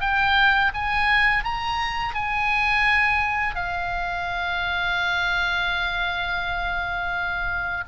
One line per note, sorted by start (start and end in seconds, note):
0.00 0.71 G5
0.74 1.44 G#5
1.44 2.14 A#5
2.14 3.55 G#5
3.55 7.83 F5